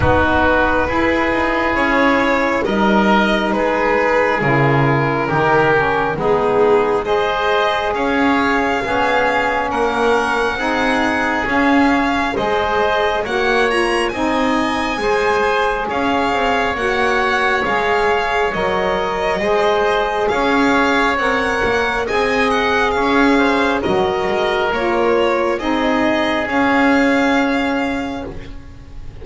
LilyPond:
<<
  \new Staff \with { instrumentName = "violin" } { \time 4/4 \tempo 4 = 68 b'2 cis''4 dis''4 | b'4 ais'2 gis'4 | dis''4 f''2 fis''4~ | fis''4 f''4 dis''4 fis''8 ais''8 |
gis''2 f''4 fis''4 | f''4 dis''2 f''4 | fis''4 gis''8 fis''8 f''4 dis''4 | cis''4 dis''4 f''2 | }
  \new Staff \with { instrumentName = "oboe" } { \time 4/4 fis'4 gis'2 ais'4 | gis'2 g'4 dis'4 | c''4 cis''4 gis'4 ais'4 | gis'2 c''4 cis''4 |
dis''4 c''4 cis''2~ | cis''2 c''4 cis''4~ | cis''4 dis''4 cis''8 c''8 ais'4~ | ais'4 gis'2. | }
  \new Staff \with { instrumentName = "saxophone" } { \time 4/4 dis'4 e'2 dis'4~ | dis'4 e'4 dis'8 cis'8 b4 | gis'2 cis'2 | dis'4 cis'4 gis'4 fis'8 f'8 |
dis'4 gis'2 fis'4 | gis'4 ais'4 gis'2 | ais'4 gis'2 fis'4 | f'4 dis'4 cis'2 | }
  \new Staff \with { instrumentName = "double bass" } { \time 4/4 b4 e'8 dis'8 cis'4 g4 | gis4 cis4 dis4 gis4~ | gis4 cis'4 b4 ais4 | c'4 cis'4 gis4 ais4 |
c'4 gis4 cis'8 c'8 ais4 | gis4 fis4 gis4 cis'4 | c'8 ais8 c'4 cis'4 fis8 gis8 | ais4 c'4 cis'2 | }
>>